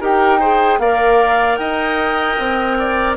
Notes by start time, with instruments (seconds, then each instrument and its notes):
0.00 bassoon D#4, clarinet G4, oboe A#4, flute G5
0.39 clarinet G#4, oboe C5
0.78 bassoon A#3, clarinet A#4, oboe D5, flute F5
1.55 bassoon D#4, oboe D#5, flute G5
2.38 bassoon C4
2.78 oboe D5